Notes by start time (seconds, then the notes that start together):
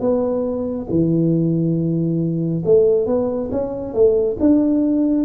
0.00 B3
0.90 E3
2.66 A3
3.06 B3
3.52 C#4
3.94 A3
4.40 D4